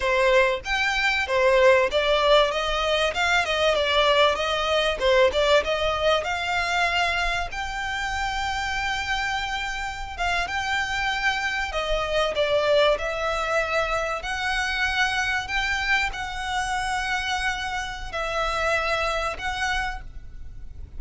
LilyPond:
\new Staff \with { instrumentName = "violin" } { \time 4/4 \tempo 4 = 96 c''4 g''4 c''4 d''4 | dis''4 f''8 dis''8 d''4 dis''4 | c''8 d''8 dis''4 f''2 | g''1~ |
g''16 f''8 g''2 dis''4 d''16~ | d''8. e''2 fis''4~ fis''16~ | fis''8. g''4 fis''2~ fis''16~ | fis''4 e''2 fis''4 | }